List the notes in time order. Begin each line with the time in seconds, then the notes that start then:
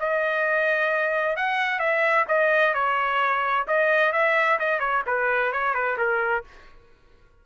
0.00 D#5
1.37 F#5
1.80 E5
2.28 D#5
2.75 C#5
3.68 D#5
4.13 E5
4.60 D#5
4.80 C#5
5.07 B4
5.53 C#5
5.75 B4
5.98 A#4